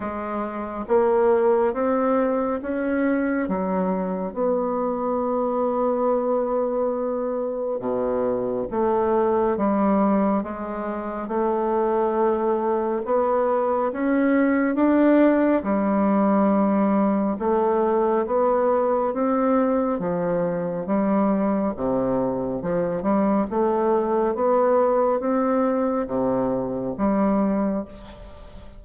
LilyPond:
\new Staff \with { instrumentName = "bassoon" } { \time 4/4 \tempo 4 = 69 gis4 ais4 c'4 cis'4 | fis4 b2.~ | b4 b,4 a4 g4 | gis4 a2 b4 |
cis'4 d'4 g2 | a4 b4 c'4 f4 | g4 c4 f8 g8 a4 | b4 c'4 c4 g4 | }